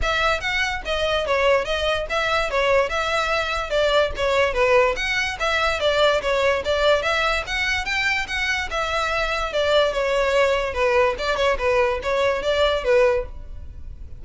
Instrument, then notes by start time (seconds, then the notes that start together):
violin
0.02 E5
0.40 F#5
0.85 D#5
1.26 C#5
1.65 D#5
2.09 E5
2.50 C#5
2.89 E5
3.70 D5
4.16 C#5
4.53 B4
4.96 F#5
5.39 E5
5.79 D5
6.21 C#5
6.64 D5
7.02 E5
7.46 F#5
7.85 G5
8.27 F#5
8.70 E5
9.53 D5
9.92 C#5
10.73 B4
11.18 D5
11.36 C#5
11.58 B4
12.02 C#5
12.42 D5
12.84 B4